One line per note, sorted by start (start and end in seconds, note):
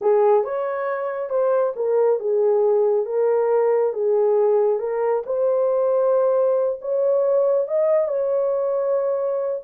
0.01 0.44 G#4
0.44 1.29 C#5
1.29 1.73 C5
1.75 2.19 A#4
2.19 3.05 G#4
3.05 3.93 A#4
3.93 4.79 G#4
4.79 5.23 A#4
5.26 6.79 C5
6.81 7.67 C#5
7.67 8.08 D#5
8.08 9.61 C#5